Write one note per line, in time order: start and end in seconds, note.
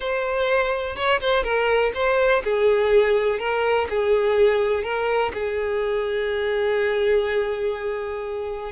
0.00 0.95 C5
0.95 1.20 C#5
1.20 1.43 C5
1.43 1.92 A#4
1.94 2.42 C5
2.44 3.39 G#4
3.39 3.87 A#4
3.89 4.83 G#4
4.83 5.32 A#4
5.33 8.72 G#4